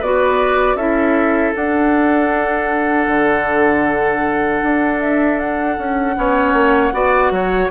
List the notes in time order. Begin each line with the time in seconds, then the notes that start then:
0.00 B3 F#4 B4 D5
0.75 C#4 E4 A4 E5
1.55 D4 F#5
3.08 D3
4.63 D4
5.01 E5
5.40 F#5
5.79 C#4
6.16 B3 C#4 C#5
6.54 A#3
6.93 B3 F#4 D5
7.31 F#3 C#5